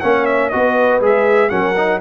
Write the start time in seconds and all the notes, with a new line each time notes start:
0.00 A#3 C#4 C#5 F#5
0.25 E5
0.49 B3 F#4 B4 D#5
1.01 G#3 G#4 E5
1.49 F#3 C#4 A#4 F#5
1.77 D#4